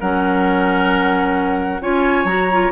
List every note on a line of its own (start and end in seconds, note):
0.00 1.80 F#3
0.00 1.82 C#4
0.00 1.82 A#4
0.00 1.82 F#5
1.80 2.24 C#4
1.80 2.27 F4
1.80 2.71 C#5
1.80 2.26 G#5
2.24 2.70 F#3
2.24 2.49 F#4
2.24 2.71 A#5
2.52 2.71 F4